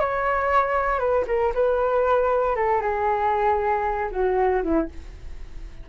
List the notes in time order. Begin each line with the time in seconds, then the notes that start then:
0.00 C#5
0.99 B4
1.27 A#4
1.54 B4
2.56 A4
2.81 G#4
4.11 F#4
4.63 E4